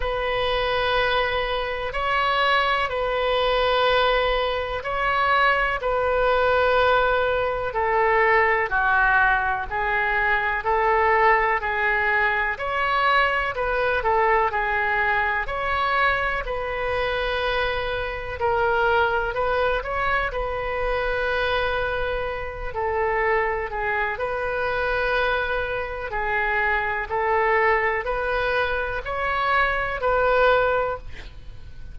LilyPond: \new Staff \with { instrumentName = "oboe" } { \time 4/4 \tempo 4 = 62 b'2 cis''4 b'4~ | b'4 cis''4 b'2 | a'4 fis'4 gis'4 a'4 | gis'4 cis''4 b'8 a'8 gis'4 |
cis''4 b'2 ais'4 | b'8 cis''8 b'2~ b'8 a'8~ | a'8 gis'8 b'2 gis'4 | a'4 b'4 cis''4 b'4 | }